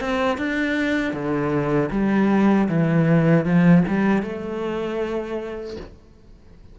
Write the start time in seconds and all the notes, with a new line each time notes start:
0.00 C4
0.38 D4
1.13 D3
1.91 G3
2.69 E3
3.45 F3
3.88 G3
4.23 A3